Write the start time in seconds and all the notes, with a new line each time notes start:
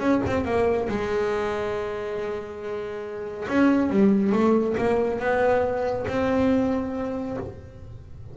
0.00 C#4
0.27 C4
0.45 A#3
0.88 G#3
3.49 C#4
3.90 G3
4.33 A3
4.78 A#3
5.20 B3
6.08 C4